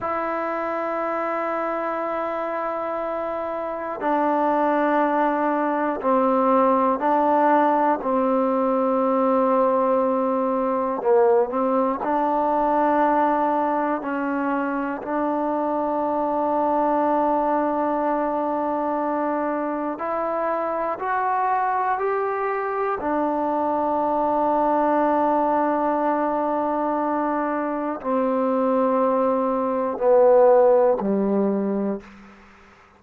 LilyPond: \new Staff \with { instrumentName = "trombone" } { \time 4/4 \tempo 4 = 60 e'1 | d'2 c'4 d'4 | c'2. ais8 c'8 | d'2 cis'4 d'4~ |
d'1 | e'4 fis'4 g'4 d'4~ | d'1 | c'2 b4 g4 | }